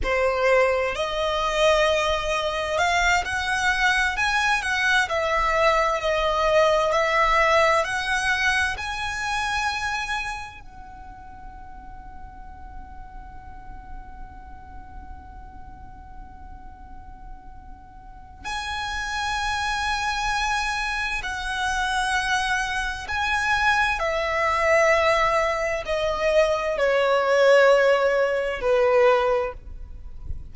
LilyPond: \new Staff \with { instrumentName = "violin" } { \time 4/4 \tempo 4 = 65 c''4 dis''2 f''8 fis''8~ | fis''8 gis''8 fis''8 e''4 dis''4 e''8~ | e''8 fis''4 gis''2 fis''8~ | fis''1~ |
fis''1 | gis''2. fis''4~ | fis''4 gis''4 e''2 | dis''4 cis''2 b'4 | }